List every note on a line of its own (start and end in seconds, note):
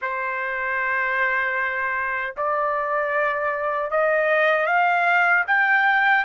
0.01 2.35 C5
2.36 3.91 D5
3.91 4.66 D#5
4.66 5.44 F5
5.47 6.24 G5